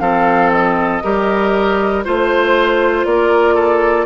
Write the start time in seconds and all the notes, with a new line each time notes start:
0.00 F3 C4 A4 F5
0.52 D#5
1.03 G3 G4 A#4
2.05 A3 F4 C5
3.05 A#3 A#4 D5
3.55 A4